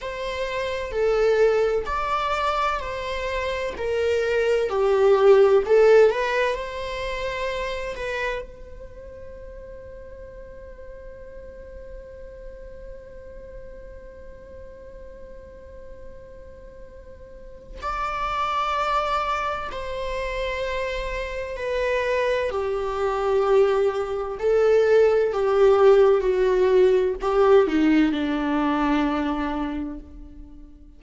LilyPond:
\new Staff \with { instrumentName = "viola" } { \time 4/4 \tempo 4 = 64 c''4 a'4 d''4 c''4 | ais'4 g'4 a'8 b'8 c''4~ | c''8 b'8 c''2.~ | c''1~ |
c''2. d''4~ | d''4 c''2 b'4 | g'2 a'4 g'4 | fis'4 g'8 dis'8 d'2 | }